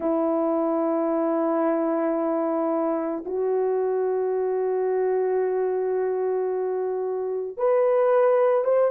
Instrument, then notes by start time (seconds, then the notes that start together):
horn
0.00 E4
3.25 F#4
7.57 B4
8.64 C5